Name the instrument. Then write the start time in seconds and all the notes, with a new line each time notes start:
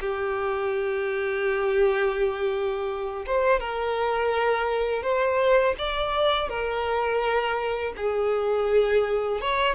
violin
0.00 G4
3.26 C5
3.60 A#4
5.03 C5
5.78 D5
6.49 A#4
7.97 G#4
9.41 C#5